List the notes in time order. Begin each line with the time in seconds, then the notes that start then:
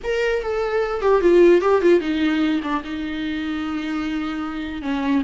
0.03 A#4
0.42 A4
1.01 G4
1.21 F4
1.61 G4
1.81 F4
2.00 D#4
2.62 D4
2.84 D#4
4.82 C#4